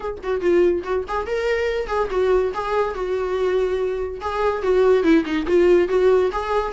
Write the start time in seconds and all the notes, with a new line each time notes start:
0.00 G#4
0.23 F#4
0.40 F4
0.83 F#4
1.08 G#4
1.26 A#4
1.87 G#4
2.10 F#4
2.53 G#4
2.94 F#4
4.21 G#4
4.62 F#4
5.03 E4
5.25 D#4
5.46 F4
5.88 F#4
6.32 G#4